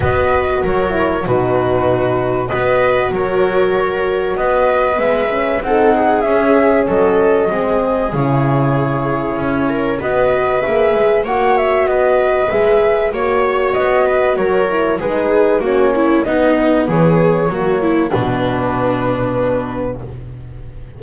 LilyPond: <<
  \new Staff \with { instrumentName = "flute" } { \time 4/4 \tempo 4 = 96 dis''4 cis''4 b'2 | dis''4 cis''2 dis''4 | e''4 fis''4 e''4 dis''4~ | dis''4 cis''2. |
dis''4 e''4 fis''8 e''8 dis''4 | e''4 cis''4 dis''4 cis''4 | b'4 cis''4 dis''4 cis''4~ | cis''4 b'2. | }
  \new Staff \with { instrumentName = "viola" } { \time 4/4 b'4 ais'4 fis'2 | b'4 ais'2 b'4~ | b'4 a'8 gis'4. a'4 | gis'2.~ gis'8 ais'8 |
b'2 cis''4 b'4~ | b'4 cis''4. b'8 ais'4 | gis'4 fis'8 e'8 dis'4 gis'4 | fis'8 e'8 d'2. | }
  \new Staff \with { instrumentName = "horn" } { \time 4/4 fis'4. e'8 dis'2 | fis'1 | b8 cis'8 dis'4 cis'2 | c'4 e'2. |
fis'4 gis'4 fis'2 | gis'4 fis'2~ fis'8 e'8 | dis'4 cis'4 b2 | ais4 b2. | }
  \new Staff \with { instrumentName = "double bass" } { \time 4/4 b4 fis4 b,2 | b4 fis2 b4 | gis4 c'4 cis'4 fis4 | gis4 cis2 cis'4 |
b4 ais8 gis8 ais4 b4 | gis4 ais4 b4 fis4 | gis4 ais4 b4 e4 | fis4 b,2. | }
>>